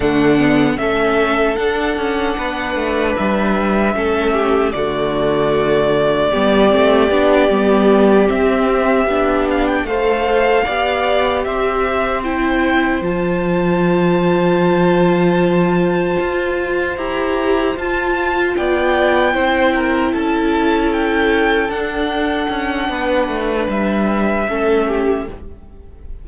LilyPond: <<
  \new Staff \with { instrumentName = "violin" } { \time 4/4 \tempo 4 = 76 fis''4 e''4 fis''2 | e''2 d''2~ | d''2~ d''8 e''4. | f''16 g''16 f''2 e''4 g''8~ |
g''8 a''2.~ a''8~ | a''4. ais''4 a''4 g''8~ | g''4. a''4 g''4 fis''8~ | fis''2 e''2 | }
  \new Staff \with { instrumentName = "violin" } { \time 4/4 d'4 a'2 b'4~ | b'4 a'8 g'8 fis'2 | g'1~ | g'8 c''4 d''4 c''4.~ |
c''1~ | c''2.~ c''8 d''8~ | d''8 c''8 ais'8 a'2~ a'8~ | a'4 b'2 a'8 g'8 | }
  \new Staff \with { instrumentName = "viola" } { \time 4/4 a8 b8 cis'4 d'2~ | d'4 cis'4 a2 | b8 c'8 d'8 b4 c'4 d'8~ | d'8 a'4 g'2 e'8~ |
e'8 f'2.~ f'8~ | f'4. g'4 f'4.~ | f'8 e'2. d'8~ | d'2. cis'4 | }
  \new Staff \with { instrumentName = "cello" } { \time 4/4 d4 a4 d'8 cis'8 b8 a8 | g4 a4 d2 | g8 a8 b8 g4 c'4 b8~ | b8 a4 b4 c'4.~ |
c'8 f2.~ f8~ | f8 f'4 e'4 f'4 b8~ | b8 c'4 cis'2 d'8~ | d'8 cis'8 b8 a8 g4 a4 | }
>>